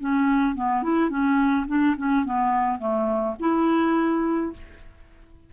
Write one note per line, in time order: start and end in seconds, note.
0.00 0.55 C#4
0.55 0.83 B3
0.83 1.10 E4
1.10 1.66 C#4
1.67 1.96 D4
1.97 2.25 C#4
2.25 2.79 B3
2.79 3.35 A3
3.40 4.53 E4